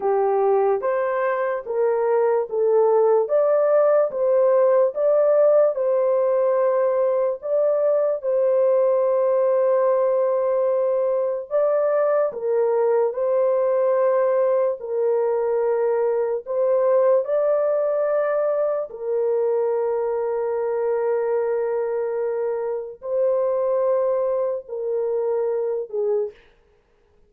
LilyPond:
\new Staff \with { instrumentName = "horn" } { \time 4/4 \tempo 4 = 73 g'4 c''4 ais'4 a'4 | d''4 c''4 d''4 c''4~ | c''4 d''4 c''2~ | c''2 d''4 ais'4 |
c''2 ais'2 | c''4 d''2 ais'4~ | ais'1 | c''2 ais'4. gis'8 | }